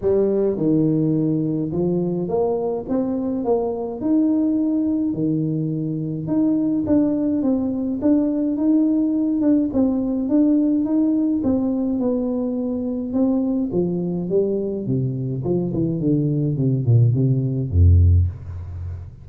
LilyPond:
\new Staff \with { instrumentName = "tuba" } { \time 4/4 \tempo 4 = 105 g4 dis2 f4 | ais4 c'4 ais4 dis'4~ | dis'4 dis2 dis'4 | d'4 c'4 d'4 dis'4~ |
dis'8 d'8 c'4 d'4 dis'4 | c'4 b2 c'4 | f4 g4 c4 f8 e8 | d4 c8 ais,8 c4 f,4 | }